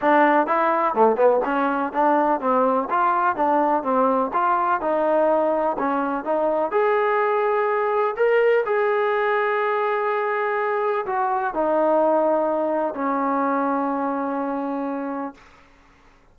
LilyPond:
\new Staff \with { instrumentName = "trombone" } { \time 4/4 \tempo 4 = 125 d'4 e'4 a8 b8 cis'4 | d'4 c'4 f'4 d'4 | c'4 f'4 dis'2 | cis'4 dis'4 gis'2~ |
gis'4 ais'4 gis'2~ | gis'2. fis'4 | dis'2. cis'4~ | cis'1 | }